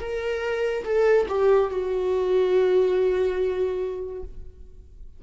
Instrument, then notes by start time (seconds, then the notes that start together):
viola
0.00 A#4
0.85 A4
1.29 G4
1.70 F#4